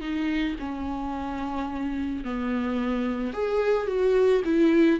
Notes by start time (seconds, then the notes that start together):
0.00 D#4
0.59 C#4
2.24 B3
3.33 G#4
3.87 F#4
4.44 E4